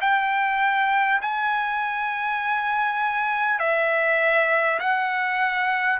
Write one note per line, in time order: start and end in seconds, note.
0.00 1.20 G5
1.21 3.59 G#5
3.59 4.79 E5
4.79 5.99 F#5